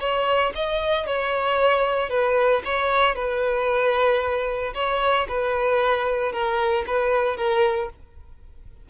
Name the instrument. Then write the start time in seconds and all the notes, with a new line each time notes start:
violin
0.00 C#5
0.55 D#5
1.06 C#5
2.10 B4
2.65 C#5
3.15 B4
4.75 C#5
5.28 B4
6.32 A#4
6.87 B4
7.37 A#4